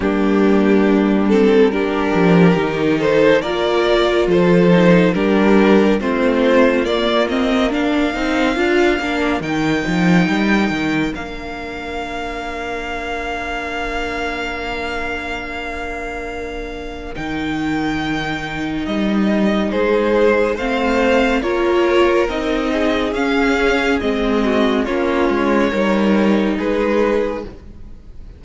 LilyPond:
<<
  \new Staff \with { instrumentName = "violin" } { \time 4/4 \tempo 4 = 70 g'4. a'8 ais'4. c''8 | d''4 c''4 ais'4 c''4 | d''8 dis''8 f''2 g''4~ | g''4 f''2.~ |
f''1 | g''2 dis''4 c''4 | f''4 cis''4 dis''4 f''4 | dis''4 cis''2 b'4 | }
  \new Staff \with { instrumentName = "violin" } { \time 4/4 d'2 g'4. a'8 | ais'4 a'4 g'4 f'4~ | f'4 ais'2.~ | ais'1~ |
ais'1~ | ais'2. gis'4 | c''4 ais'4. gis'4.~ | gis'8 fis'8 f'4 ais'4 gis'4 | }
  \new Staff \with { instrumentName = "viola" } { \time 4/4 ais4. c'8 d'4 dis'4 | f'4. dis'8 d'4 c'4 | ais8 c'8 d'8 dis'8 f'8 d'8 dis'4~ | dis'4 d'2.~ |
d'1 | dis'1 | c'4 f'4 dis'4 cis'4 | c'4 cis'4 dis'2 | }
  \new Staff \with { instrumentName = "cello" } { \time 4/4 g2~ g8 f8 dis4 | ais4 f4 g4 a4 | ais4. c'8 d'8 ais8 dis8 f8 | g8 dis8 ais2.~ |
ais1 | dis2 g4 gis4 | a4 ais4 c'4 cis'4 | gis4 ais8 gis8 g4 gis4 | }
>>